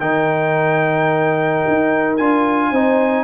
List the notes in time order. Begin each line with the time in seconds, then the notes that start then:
0.00 D#3 D#4 A#4 G5
1.68 D#4
2.17 D4 F4 G#5
2.71 C4 D#4 C5